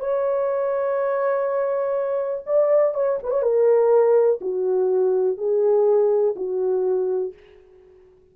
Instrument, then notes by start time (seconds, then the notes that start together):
horn
0.00 C#5
2.47 D5
2.94 C#5
3.23 B4
3.31 C#5
3.43 A#4
4.41 F#4
5.38 G#4
6.36 F#4